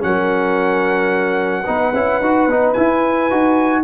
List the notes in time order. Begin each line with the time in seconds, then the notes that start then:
0.00 F#3 C#4 A#4 F#5
1.63 B3 D#4 B4
1.93 C#4 E4
2.21 D#4 F#4
2.47 B3 D#4
2.73 E4 G#5
3.30 D#4 F#4